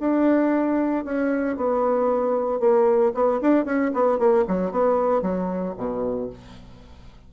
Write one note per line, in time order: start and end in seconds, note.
0.00 1.05 D4
1.05 1.57 C#4
1.57 2.60 B3
2.60 3.13 A#3
3.14 3.41 B3
3.42 3.65 D4
3.65 3.92 C#4
3.94 4.19 B3
4.19 4.45 A#3
4.48 4.72 F#3
4.72 5.22 B3
5.22 5.75 F#3
5.77 6.30 B2